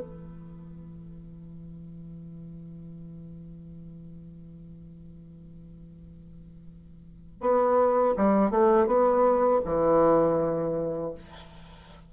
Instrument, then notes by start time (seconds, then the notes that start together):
bassoon
0.00 E3
7.40 B3
8.16 G3
8.51 A3
8.87 B3
9.65 E3